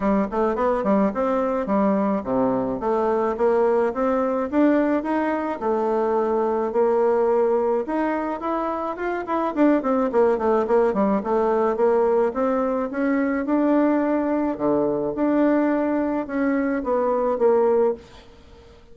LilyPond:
\new Staff \with { instrumentName = "bassoon" } { \time 4/4 \tempo 4 = 107 g8 a8 b8 g8 c'4 g4 | c4 a4 ais4 c'4 | d'4 dis'4 a2 | ais2 dis'4 e'4 |
f'8 e'8 d'8 c'8 ais8 a8 ais8 g8 | a4 ais4 c'4 cis'4 | d'2 d4 d'4~ | d'4 cis'4 b4 ais4 | }